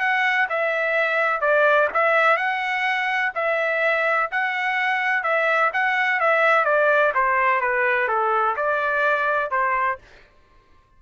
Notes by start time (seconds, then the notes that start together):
0.00 F#5
0.49 E5
1.41 D5
1.94 E5
2.37 F#5
3.35 E5
4.31 F#5
5.23 E5
5.73 F#5
6.20 E5
6.65 D5
7.15 C5
7.61 B4
8.08 A4
8.56 D5
9.51 C5